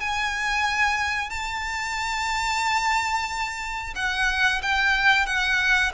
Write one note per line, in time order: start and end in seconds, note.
0.00 1.29 G#5
1.29 3.93 A5
3.95 4.61 F#5
4.62 5.26 G5
5.26 5.92 F#5